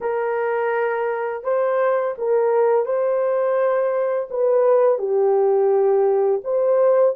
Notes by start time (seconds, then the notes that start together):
0.00 A#4
1.43 C5
2.18 A#4
2.85 C5
4.30 B4
4.98 G4
6.44 C5